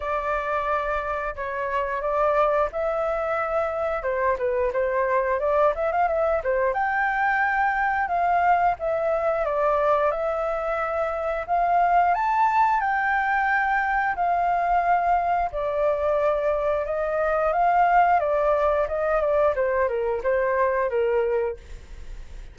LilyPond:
\new Staff \with { instrumentName = "flute" } { \time 4/4 \tempo 4 = 89 d''2 cis''4 d''4 | e''2 c''8 b'8 c''4 | d''8 e''16 f''16 e''8 c''8 g''2 | f''4 e''4 d''4 e''4~ |
e''4 f''4 a''4 g''4~ | g''4 f''2 d''4~ | d''4 dis''4 f''4 d''4 | dis''8 d''8 c''8 ais'8 c''4 ais'4 | }